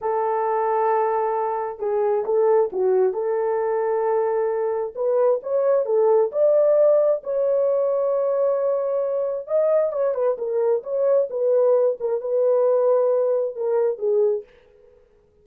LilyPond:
\new Staff \with { instrumentName = "horn" } { \time 4/4 \tempo 4 = 133 a'1 | gis'4 a'4 fis'4 a'4~ | a'2. b'4 | cis''4 a'4 d''2 |
cis''1~ | cis''4 dis''4 cis''8 b'8 ais'4 | cis''4 b'4. ais'8 b'4~ | b'2 ais'4 gis'4 | }